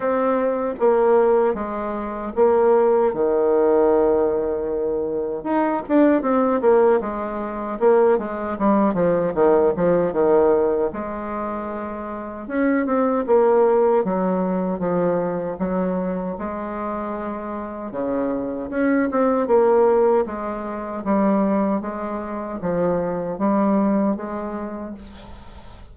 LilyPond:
\new Staff \with { instrumentName = "bassoon" } { \time 4/4 \tempo 4 = 77 c'4 ais4 gis4 ais4 | dis2. dis'8 d'8 | c'8 ais8 gis4 ais8 gis8 g8 f8 | dis8 f8 dis4 gis2 |
cis'8 c'8 ais4 fis4 f4 | fis4 gis2 cis4 | cis'8 c'8 ais4 gis4 g4 | gis4 f4 g4 gis4 | }